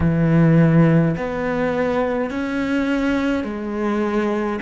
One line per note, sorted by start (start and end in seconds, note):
0.00 1.15 E3
1.16 2.30 B3
2.30 3.44 C#4
3.44 4.59 G#3